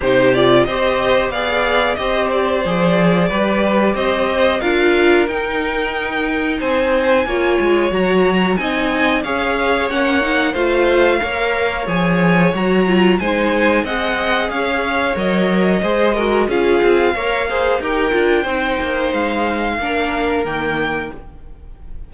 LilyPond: <<
  \new Staff \with { instrumentName = "violin" } { \time 4/4 \tempo 4 = 91 c''8 d''8 dis''4 f''4 dis''8 d''8~ | d''2 dis''4 f''4 | g''2 gis''2 | ais''4 gis''4 f''4 fis''4 |
f''2 gis''4 ais''4 | gis''4 fis''4 f''4 dis''4~ | dis''4 f''2 g''4~ | g''4 f''2 g''4 | }
  \new Staff \with { instrumentName = "violin" } { \time 4/4 g'4 c''4 d''4 c''4~ | c''4 b'4 c''4 ais'4~ | ais'2 c''4 cis''4~ | cis''4 dis''4 cis''2 |
c''4 cis''2. | c''4 dis''4 cis''2 | c''8 ais'8 gis'4 cis''8 c''8 ais'4 | c''2 ais'2 | }
  \new Staff \with { instrumentName = "viola" } { \time 4/4 dis'8 f'8 g'4 gis'4 g'4 | gis'4 g'2 f'4 | dis'2. f'4 | fis'4 dis'4 gis'4 cis'8 dis'8 |
f'4 ais'4 gis'4 fis'8 f'8 | dis'4 gis'2 ais'4 | gis'8 fis'8 f'4 ais'8 gis'8 g'8 f'8 | dis'2 d'4 ais4 | }
  \new Staff \with { instrumentName = "cello" } { \time 4/4 c4 c'4 b4 c'4 | f4 g4 c'4 d'4 | dis'2 c'4 ais8 gis8 | fis4 c'4 cis'4 ais4 |
a4 ais4 f4 fis4 | gis4 c'4 cis'4 fis4 | gis4 cis'8 c'8 ais4 dis'8 d'8 | c'8 ais8 gis4 ais4 dis4 | }
>>